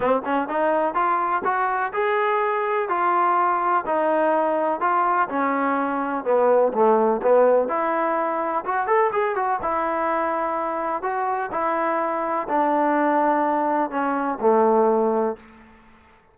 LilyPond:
\new Staff \with { instrumentName = "trombone" } { \time 4/4 \tempo 4 = 125 c'8 cis'8 dis'4 f'4 fis'4 | gis'2 f'2 | dis'2 f'4 cis'4~ | cis'4 b4 a4 b4 |
e'2 fis'8 a'8 gis'8 fis'8 | e'2. fis'4 | e'2 d'2~ | d'4 cis'4 a2 | }